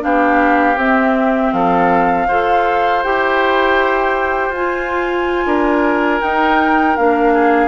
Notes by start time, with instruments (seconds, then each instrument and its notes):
0.00 bassoon B3, clarinet D4, oboe G4, flute F5
0.76 bassoon C4, clarinet C4, flute E5
1.52 bassoon F3, oboe A4, flute F5
2.27 bassoon F4, clarinet A4, oboe C5
3.03 bassoon E4, clarinet G4, flute G5
4.49 bassoon F4, flute G#5
4.56 clarinet F4
5.45 bassoon D4, oboe A#4
6.21 clarinet D#4, bassoon D#4, flute G5
6.96 bassoon A#3, clarinet D4, flute F5
7.33 oboe G#4